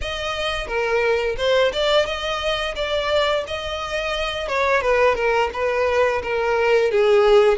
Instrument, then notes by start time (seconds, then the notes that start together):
violin
0.01 D#5
0.67 A#4
1.37 C5
1.72 D5
2.06 D#5
2.75 D5
3.47 D#5
4.48 C#5
4.81 B4
5.15 A#4
5.53 B4
6.22 A#4
6.91 G#4